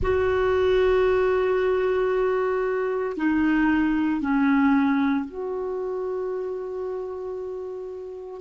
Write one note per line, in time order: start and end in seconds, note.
0.02 3.16 F#4
3.16 4.21 D#4
4.21 5.25 C#4
5.25 8.41 F#4